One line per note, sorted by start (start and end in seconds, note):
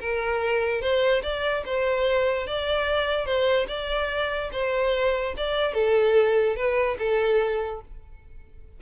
0.00 0.81 A#4
0.81 1.22 C5
1.23 1.64 D5
1.65 2.47 C5
2.47 3.25 D5
3.25 3.66 C5
3.68 4.50 D5
4.52 5.34 C5
5.37 5.74 D5
5.74 6.56 A4
6.56 6.97 B4
6.98 7.81 A4